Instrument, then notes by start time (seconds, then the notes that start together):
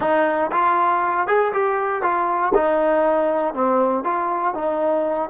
trombone
0.00 D#4
0.51 F4
1.27 G#4
1.52 G4
2.02 F4
2.54 D#4
3.54 C4
4.04 F4
4.54 D#4